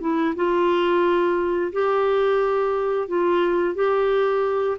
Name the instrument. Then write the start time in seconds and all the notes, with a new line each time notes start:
clarinet
0.00 E4
0.35 F4
1.72 G4
3.08 F4
3.74 G4